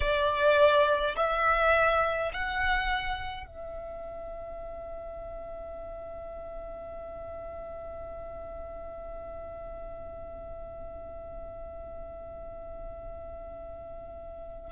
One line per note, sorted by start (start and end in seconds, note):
0.00 1.15 D5
1.15 2.31 E5
2.33 3.46 F#5
3.46 14.71 E5